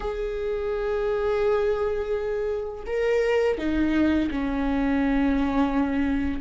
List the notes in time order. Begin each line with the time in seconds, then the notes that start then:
0.00 G#4
2.86 A#4
3.58 D#4
4.31 C#4